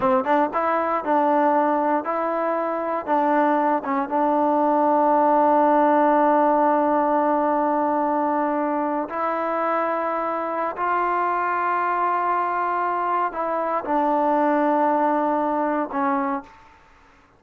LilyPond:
\new Staff \with { instrumentName = "trombone" } { \time 4/4 \tempo 4 = 117 c'8 d'8 e'4 d'2 | e'2 d'4. cis'8 | d'1~ | d'1~ |
d'4.~ d'16 e'2~ e'16~ | e'4 f'2.~ | f'2 e'4 d'4~ | d'2. cis'4 | }